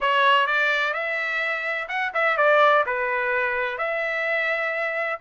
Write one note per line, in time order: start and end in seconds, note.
0.00 0.46 C#5
0.46 0.93 D5
0.93 1.87 E5
1.88 2.12 F#5
2.14 2.37 E5
2.37 2.84 D5
2.86 3.78 B4
3.78 5.19 E5